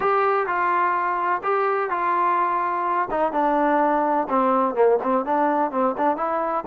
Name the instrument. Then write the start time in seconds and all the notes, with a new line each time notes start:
trombone
0.00 G4
0.46 F4
1.43 G4
1.89 F4
3.10 D#4
3.32 D4
4.29 C4
4.74 A#3
5.02 C4
5.25 D4
5.71 C4
5.97 D4
6.16 E4